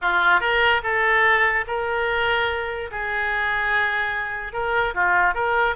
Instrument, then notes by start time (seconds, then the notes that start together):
oboe
0.01 F4
0.40 A#4
0.83 A4
1.67 A#4
2.91 G#4
4.52 A#4
4.94 F4
5.34 A#4